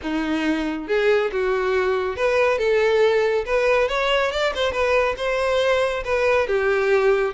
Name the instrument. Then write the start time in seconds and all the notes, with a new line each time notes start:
violin
0.02 D#4
0.87 G#4
1.31 F#4
2.16 B4
2.58 A4
3.45 B4
3.88 C#5
4.31 D5
4.55 C5
4.71 B4
5.17 C5
6.04 B4
6.47 G4